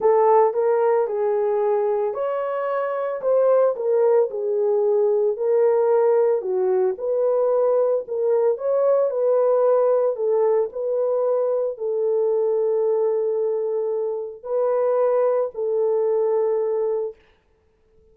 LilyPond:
\new Staff \with { instrumentName = "horn" } { \time 4/4 \tempo 4 = 112 a'4 ais'4 gis'2 | cis''2 c''4 ais'4 | gis'2 ais'2 | fis'4 b'2 ais'4 |
cis''4 b'2 a'4 | b'2 a'2~ | a'2. b'4~ | b'4 a'2. | }